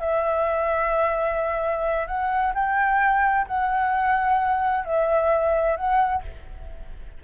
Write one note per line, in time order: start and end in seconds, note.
0.00 2.07 E5
2.07 2.53 F#5
2.54 3.47 G5
3.47 4.84 F#5
4.84 5.76 E5
5.76 6.22 F#5